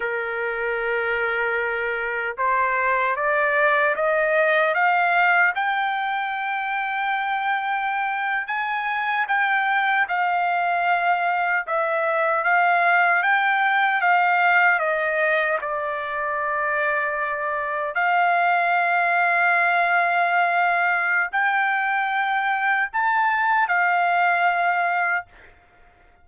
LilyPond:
\new Staff \with { instrumentName = "trumpet" } { \time 4/4 \tempo 4 = 76 ais'2. c''4 | d''4 dis''4 f''4 g''4~ | g''2~ g''8. gis''4 g''16~ | g''8. f''2 e''4 f''16~ |
f''8. g''4 f''4 dis''4 d''16~ | d''2~ d''8. f''4~ f''16~ | f''2. g''4~ | g''4 a''4 f''2 | }